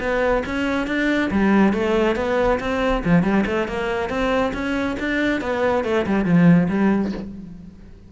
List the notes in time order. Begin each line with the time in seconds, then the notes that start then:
0.00 B3
0.46 C#4
0.88 D4
1.31 G3
1.73 A3
2.16 B3
2.60 C4
3.05 F3
3.23 G3
3.46 A3
3.68 A#3
4.10 C4
4.54 C#4
5.00 D4
5.42 B3
5.85 A3
6.06 G3
6.25 F3
6.69 G3